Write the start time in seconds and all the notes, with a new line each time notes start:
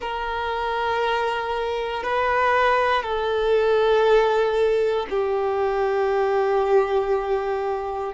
0.00 A#4
2.03 B4
3.02 A4
5.10 G4